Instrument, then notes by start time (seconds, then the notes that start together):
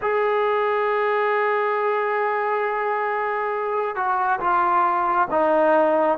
trombone
0.01 G#4
3.95 F#4
4.40 F4
5.30 D#4